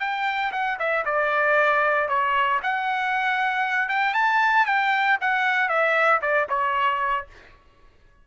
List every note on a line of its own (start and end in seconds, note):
0.00 0.52 G5
0.52 0.78 F#5
0.79 1.05 E5
1.05 2.09 D5
2.09 2.60 C#5
2.63 3.89 F#5
3.89 4.14 G5
4.14 4.66 A5
4.66 5.18 G5
5.21 5.69 F#5
5.69 6.21 E5
6.22 6.48 D5
6.49 7.27 C#5